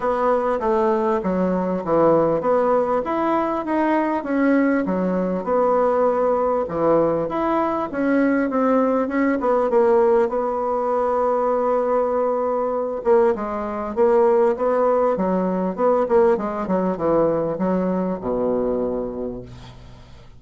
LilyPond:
\new Staff \with { instrumentName = "bassoon" } { \time 4/4 \tempo 4 = 99 b4 a4 fis4 e4 | b4 e'4 dis'4 cis'4 | fis4 b2 e4 | e'4 cis'4 c'4 cis'8 b8 |
ais4 b2.~ | b4. ais8 gis4 ais4 | b4 fis4 b8 ais8 gis8 fis8 | e4 fis4 b,2 | }